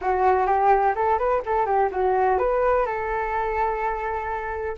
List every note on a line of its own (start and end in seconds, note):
0.01 0.46 F#4
0.46 0.94 G4
0.95 1.18 A4
1.18 1.42 B4
1.45 1.66 A4
1.66 1.89 G4
1.91 2.38 F#4
2.38 2.86 B4
2.86 4.76 A4